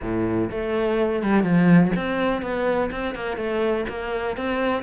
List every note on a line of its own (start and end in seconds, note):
0.02 0.50 A2
0.50 1.22 A3
1.22 1.43 G3
1.43 1.91 F3
1.96 2.42 C4
2.42 2.90 B3
2.91 3.14 C4
3.14 3.36 A#3
3.36 3.85 A3
3.88 4.36 A#3
4.36 4.82 C4